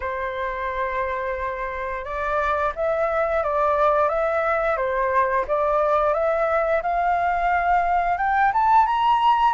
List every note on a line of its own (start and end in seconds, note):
0.00 2.05 C5
2.05 2.73 D5
2.75 3.43 E5
3.43 4.08 D5
4.08 4.77 E5
4.77 5.45 C5
5.47 6.13 D5
6.13 6.82 E5
6.82 8.17 F5
8.17 8.51 G5
8.53 8.86 A5
8.86 9.53 A#5